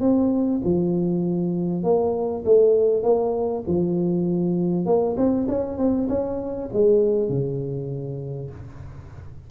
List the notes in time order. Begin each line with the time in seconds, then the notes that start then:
0.00 C4
0.64 F3
1.83 A#3
2.45 A3
3.03 A#3
3.67 F3
4.85 A#3
5.17 C4
5.48 C#4
5.77 C4
6.08 C#4
6.73 G#3
7.28 C#3